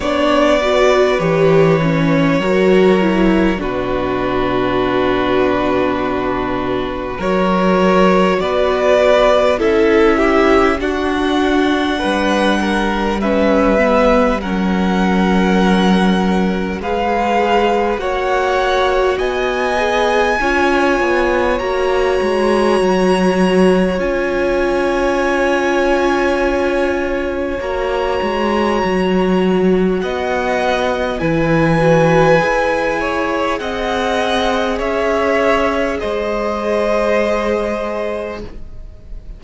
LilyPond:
<<
  \new Staff \with { instrumentName = "violin" } { \time 4/4 \tempo 4 = 50 d''4 cis''2 b'4~ | b'2 cis''4 d''4 | e''4 fis''2 e''4 | fis''2 f''4 fis''4 |
gis''2 ais''2 | gis''2. ais''4~ | ais''4 fis''4 gis''2 | fis''4 e''4 dis''2 | }
  \new Staff \with { instrumentName = "violin" } { \time 4/4 cis''8 b'4. ais'4 fis'4~ | fis'2 ais'4 b'4 | a'8 g'8 fis'4 b'8 ais'8 b'4 | ais'2 b'4 cis''4 |
dis''4 cis''2.~ | cis''1~ | cis''4 dis''4 b'4. cis''8 | dis''4 cis''4 c''2 | }
  \new Staff \with { instrumentName = "viola" } { \time 4/4 d'8 fis'8 g'8 cis'8 fis'8 e'8 d'4~ | d'2 fis'2 | e'4 d'2 cis'8 b8 | cis'2 gis'4 fis'4~ |
fis'8 gis'8 f'4 fis'2 | f'2. fis'4~ | fis'2 e'8 fis'8 gis'4~ | gis'1 | }
  \new Staff \with { instrumentName = "cello" } { \time 4/4 b4 e4 fis4 b,4~ | b,2 fis4 b4 | cis'4 d'4 g2 | fis2 gis4 ais4 |
b4 cis'8 b8 ais8 gis8 fis4 | cis'2. ais8 gis8 | fis4 b4 e4 e'4 | c'4 cis'4 gis2 | }
>>